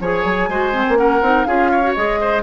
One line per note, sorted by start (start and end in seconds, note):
0.00 0.24 F3
0.00 0.51 G#4
0.00 0.49 C#5
0.00 0.97 G#5
0.24 0.48 F#3
0.48 0.85 G#3
0.48 0.72 F#4
0.48 0.98 C5
0.72 0.96 C4
0.89 1.21 A#3
0.96 1.20 C#4
0.96 1.47 A#4
0.96 1.44 F#5
1.21 1.45 C4
1.21 1.47 D#4
1.44 1.95 C#4
1.44 1.83 F4
1.44 1.71 G#4
1.44 1.93 F5
1.71 2.19 C#5
1.83 1.95 F#4
1.94 2.42 G#3
1.94 2.42 G#4
1.94 2.42 D#5
2.21 2.42 C5